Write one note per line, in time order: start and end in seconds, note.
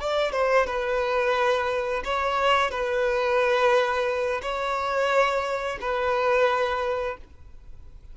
0.00 0.32 D5
0.32 0.66 C5
0.66 2.02 B4
2.04 2.71 C#5
2.71 4.41 B4
4.42 5.78 C#5
5.80 7.17 B4